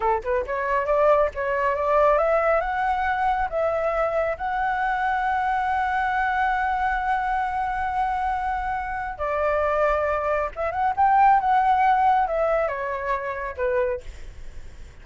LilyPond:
\new Staff \with { instrumentName = "flute" } { \time 4/4 \tempo 4 = 137 a'8 b'8 cis''4 d''4 cis''4 | d''4 e''4 fis''2 | e''2 fis''2~ | fis''1~ |
fis''1~ | fis''4 d''2. | e''8 fis''8 g''4 fis''2 | e''4 cis''2 b'4 | }